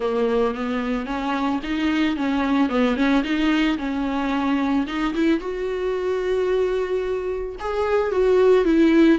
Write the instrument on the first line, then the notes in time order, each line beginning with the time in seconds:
viola
0.00 A#3
0.54 B3
1.05 C#4
1.63 D#4
2.16 C#4
2.69 B3
2.96 C#4
3.23 D#4
3.78 C#4
4.86 D#4
5.14 E4
5.40 F#4
7.59 G#4
8.11 F#4
8.64 E4